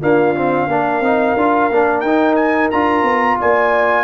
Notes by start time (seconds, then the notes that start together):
0.00 A#3 D4 F4 F5
0.35 C4
0.67 A#3 D4 A#4
1.00 C4 D#4
1.36 D4 F4
1.71 A#3 D4
2.00 D#4 G5
2.35 G#5
2.70 D4 F4 A#5
3.02 B3
3.39 A#3 D5 G#5